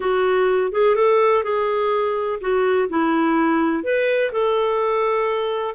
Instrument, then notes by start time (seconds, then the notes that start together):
clarinet
0.00 F#4
0.72 G#4
0.95 A4
1.43 G#4
2.40 F#4
2.89 E4
3.83 B4
4.32 A4